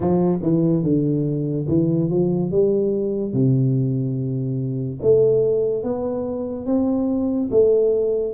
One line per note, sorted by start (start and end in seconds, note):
0.00 0.39 F3
0.42 0.83 E3
0.83 1.66 D3
1.68 2.10 E3
2.10 2.51 F3
2.51 3.33 G3
3.33 4.99 C3
5.02 5.83 A3
5.83 6.66 B3
6.66 7.49 C4
7.50 8.34 A3